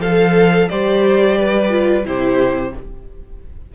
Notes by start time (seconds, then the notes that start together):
0.00 F3 A4 F5
0.69 G3 G4 C5 D5
1.39 B4
1.70 F4
2.04 C3 E4 G4 C5